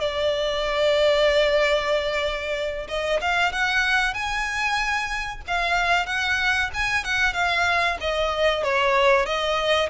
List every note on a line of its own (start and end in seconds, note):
0.00 2.87 D5
2.88 3.20 D#5
3.21 3.52 F5
3.52 4.13 F#5
4.13 5.41 G#5
5.47 6.06 F5
6.06 6.70 F#5
6.73 7.04 G#5
7.04 7.33 F#5
7.33 7.97 F5
8.00 8.63 D#5
8.63 9.26 C#5
9.26 9.89 D#5